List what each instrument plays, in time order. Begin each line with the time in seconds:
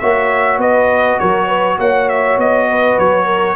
0.00 tuba A#3, trombone F#4, horn C#5, trumpet E5
0.58 tuba B3, horn B4, trumpet D#5
1.20 tuba F#3, horn A#4, trumpet C#5
1.47 horn B4
1.79 tuba A#3, horn C#5, trumpet F#5
2.09 trumpet E5
2.37 tuba B3, trumpet D#5
2.69 horn B4
2.99 tuba F#3, trumpet C#5
3.26 horn A#4